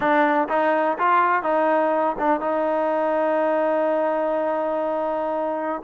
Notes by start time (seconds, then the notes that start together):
0.00 D4
0.49 D#4
0.98 F4
1.43 D#4
2.18 D4
2.40 D#4